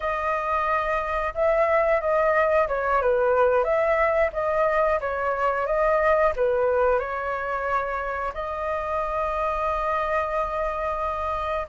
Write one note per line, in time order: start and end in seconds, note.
0.00 1.33 D#5
1.34 2.01 E5
2.01 2.67 D#5
2.68 3.01 C#5
3.01 3.63 B4
3.63 4.30 E5
4.32 4.99 D#5
5.00 5.66 C#5
5.66 6.32 D#5
6.35 6.99 B4
6.99 8.32 C#5
8.33 11.67 D#5